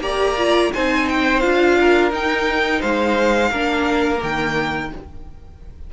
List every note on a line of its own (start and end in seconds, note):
0.00 0.70 A#3
0.00 0.37 G4
0.00 0.73 D5
0.00 0.72 A#5
0.38 0.73 F4
0.74 1.45 C4
0.74 1.42 D#4
0.74 1.78 C5
0.74 1.09 G#5
1.09 1.41 G5
1.41 2.12 D4
1.41 2.11 F4
1.41 2.10 F5
1.81 2.80 A#4
2.11 3.51 D#4
2.11 2.82 D#4
2.11 2.82 G5
2.80 3.52 G#3
2.80 3.50 C5
2.80 4.22 F5
3.52 4.22 A#3
3.52 4.17 D4
3.52 4.91 A#4
4.17 4.92 D#3
4.17 4.87 A#3
4.24 4.93 G5